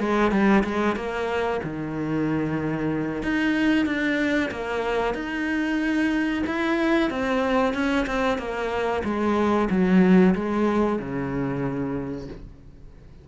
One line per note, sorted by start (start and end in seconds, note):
0.00 0.32 G#3
0.32 0.64 G3
0.65 0.96 G#3
0.96 1.61 A#3
1.64 3.23 D#3
3.23 3.86 D#4
3.86 4.51 D4
4.52 5.15 A#3
5.15 6.44 D#4
6.47 7.11 E4
7.11 7.74 C4
7.74 8.07 C#4
8.07 8.38 C4
8.38 9.03 A#3
9.04 9.69 G#3
9.71 10.35 F#3
10.36 10.99 G#3
10.99 12.28 C#3